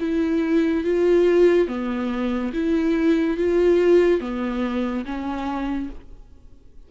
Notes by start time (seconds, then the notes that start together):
0.00 E4
0.85 F4
1.68 B3
2.54 E4
3.38 F4
4.21 B3
5.06 C#4